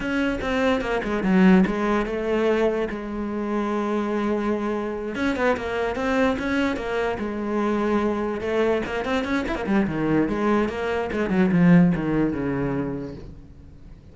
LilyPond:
\new Staff \with { instrumentName = "cello" } { \time 4/4 \tempo 4 = 146 cis'4 c'4 ais8 gis8 fis4 | gis4 a2 gis4~ | gis1~ | gis8 cis'8 b8 ais4 c'4 cis'8~ |
cis'8 ais4 gis2~ gis8~ | gis8 a4 ais8 c'8 cis'8 e'16 ais16 g8 | dis4 gis4 ais4 gis8 fis8 | f4 dis4 cis2 | }